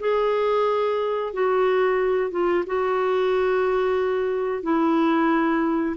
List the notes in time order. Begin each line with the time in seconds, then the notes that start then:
0.00 G#4
1.34 F#4
2.31 F4
2.66 F#4
4.63 E4